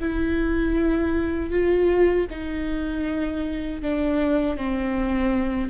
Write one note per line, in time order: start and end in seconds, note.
0.00 1.51 E4
1.51 2.26 F4
2.30 3.82 D#4
3.82 4.57 D4
4.57 5.70 C4